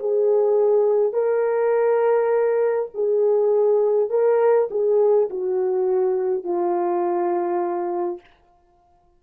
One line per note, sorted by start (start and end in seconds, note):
0.00 1.13 G#4
1.13 2.90 A#4
2.95 4.10 G#4
4.10 4.69 A#4
4.71 5.30 G#4
5.30 6.44 F#4
6.44 8.21 F4